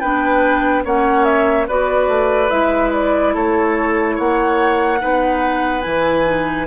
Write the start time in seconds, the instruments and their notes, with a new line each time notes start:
0.00 bassoon B3, clarinet D4, oboe B4, flute G5
0.84 bassoon A#3, clarinet C#4, oboe C#5, flute F#5
1.25 flute E5
1.68 bassoon B3, clarinet F#4, oboe B4, flute D5
2.08 bassoon A3
2.49 bassoon G#3, clarinet E4, flute E5
2.93 flute D5
3.34 bassoon A3, oboe A4, flute C#5
4.15 bassoon A#3, oboe C#5, flute F#5
4.99 bassoon B3, clarinet D#4, oboe B4
5.82 bassoon E3, clarinet E4, flute G#5
6.25 clarinet D#4